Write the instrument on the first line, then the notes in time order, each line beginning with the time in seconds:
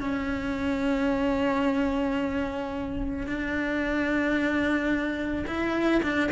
cello
0.00 C#4
3.27 D4
5.47 E4
6.02 D4